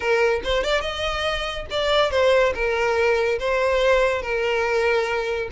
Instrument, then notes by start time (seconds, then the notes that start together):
violin
0.00 A#4
0.43 C5
0.63 D5
0.81 D#5
1.70 D5
2.10 C5
2.54 A#4
3.39 C5
4.22 A#4